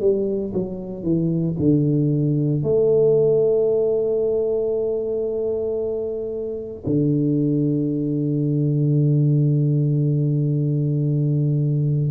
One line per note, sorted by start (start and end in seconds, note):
0.00 0.53 G3
0.53 1.03 F#3
1.03 1.56 E3
1.59 2.63 D3
2.63 6.84 A3
6.87 12.11 D3